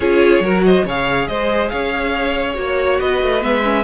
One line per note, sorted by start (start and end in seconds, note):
0.00 0.40 C#4
0.00 0.43 F4
0.00 0.43 G#4
0.00 0.63 C#5
0.40 0.82 F#3
0.40 0.86 F#4
0.40 0.64 A#4
0.64 0.85 C5
0.64 0.85 D#5
0.85 1.28 C#3
0.85 2.54 G#4
0.85 1.28 C#5
0.85 1.27 F5
1.27 1.72 G#3
1.27 1.71 C5
1.27 1.69 D#5
1.69 2.57 C#4
1.69 2.99 C#5
1.69 2.55 F5
2.54 3.00 A#3
2.54 3.40 F#4
2.54 3.00 C#5
2.99 3.22 B3
2.99 3.84 B4
2.99 3.42 D#5
3.22 3.43 A3
3.41 3.84 G#3
3.41 3.62 B3
3.41 3.84 E5
3.63 3.84 C#4